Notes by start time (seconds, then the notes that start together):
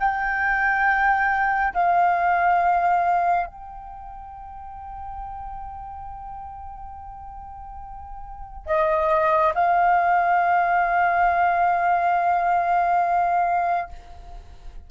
0.00 G5
1.74 F5
3.47 G5
8.67 D#5
9.55 F5